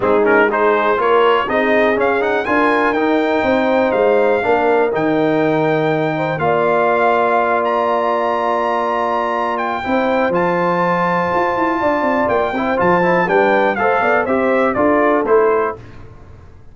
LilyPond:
<<
  \new Staff \with { instrumentName = "trumpet" } { \time 4/4 \tempo 4 = 122 gis'8 ais'8 c''4 cis''4 dis''4 | f''8 fis''8 gis''4 g''2 | f''2 g''2~ | g''4 f''2~ f''8 ais''8~ |
ais''2.~ ais''8 g''8~ | g''4 a''2.~ | a''4 g''4 a''4 g''4 | f''4 e''4 d''4 c''4 | }
  \new Staff \with { instrumentName = "horn" } { \time 4/4 dis'4 gis'4 ais'4 gis'4~ | gis'4 ais'2 c''4~ | c''4 ais'2.~ | ais'8 c''8 d''2.~ |
d''1 | c''1 | d''4. c''4. b'4 | c''8 d''8 c''4 a'2 | }
  \new Staff \with { instrumentName = "trombone" } { \time 4/4 c'8 cis'8 dis'4 f'4 dis'4 | cis'8 dis'8 f'4 dis'2~ | dis'4 d'4 dis'2~ | dis'4 f'2.~ |
f'1 | e'4 f'2.~ | f'4. e'8 f'8 e'8 d'4 | a'4 g'4 f'4 e'4 | }
  \new Staff \with { instrumentName = "tuba" } { \time 4/4 gis2 ais4 c'4 | cis'4 d'4 dis'4 c'4 | gis4 ais4 dis2~ | dis4 ais2.~ |
ais1 | c'4 f2 f'8 e'8 | d'8 c'8 ais8 c'8 f4 g4 | a8 b8 c'4 d'4 a4 | }
>>